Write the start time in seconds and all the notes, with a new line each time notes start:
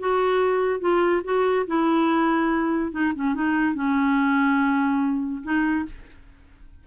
0.00 F#4
0.80 F4
1.24 F#4
1.67 E4
2.92 D#4
3.15 C#4
3.35 D#4
3.75 C#4
5.44 D#4